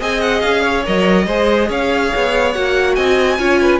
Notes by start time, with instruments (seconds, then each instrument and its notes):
0.00 cello C4, viola G#4, violin D#5 G#5
0.21 violin F#5
0.41 cello C#4, violin F5
0.62 violin C#5
0.85 cello F#3, viola A#4, violin D#5
1.27 cello G#3, viola G#4, violin C5
1.68 cello C#4, violin C#5 F5
2.15 cello B3
2.53 cello A#3, viola F#4, violin F#5
2.95 cello C4, violin D#5 G#5
3.38 cello C#4, viola F4, violin C#5
3.61 violin B4